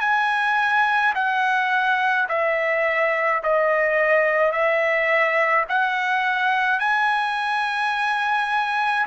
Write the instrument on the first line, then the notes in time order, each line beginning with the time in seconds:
trumpet
0.00 G#5
1.14 F#5
2.28 E5
3.43 D#5
4.51 E5
5.68 F#5
6.79 G#5